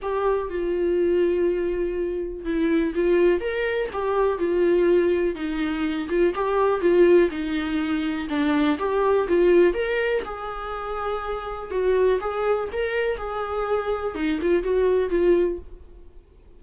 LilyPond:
\new Staff \with { instrumentName = "viola" } { \time 4/4 \tempo 4 = 123 g'4 f'2.~ | f'4 e'4 f'4 ais'4 | g'4 f'2 dis'4~ | dis'8 f'8 g'4 f'4 dis'4~ |
dis'4 d'4 g'4 f'4 | ais'4 gis'2. | fis'4 gis'4 ais'4 gis'4~ | gis'4 dis'8 f'8 fis'4 f'4 | }